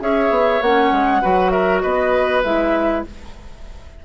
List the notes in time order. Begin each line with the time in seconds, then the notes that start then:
0.00 C#4 G#4 C#5 E5
0.30 B3
0.60 A#3 C#4 F#5
0.91 G#3
1.21 F#3 F#4 B4
1.50 A#4 E5
1.81 B3 B4 D#5
2.43 G#3 E4 E5